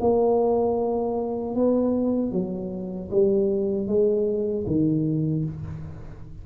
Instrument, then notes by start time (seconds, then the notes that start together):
tuba
0.00 A#3
1.55 B3
2.32 F#3
3.11 G3
3.87 G#3
4.66 D#3